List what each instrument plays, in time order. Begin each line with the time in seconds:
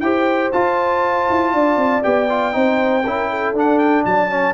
0.00 tuba E4, trombone G4, horn C5, trumpet G5
0.52 trombone F4, tuba F4, trumpet A5
1.29 tuba E4
1.53 tuba D4, horn D5
1.77 tuba C4
2.02 tuba B3, trombone G4, trumpet G5
2.29 trombone F4
2.52 tuba C4, trombone D#4, horn C5
3.04 tuba C#4, trombone E4, horn A#4
3.30 horn A4
3.53 tuba D4, trombone D4, trumpet F#5
3.78 trumpet G5
4.05 tuba F#3, horn D5, trumpet A5
4.30 trombone C#4, horn C#5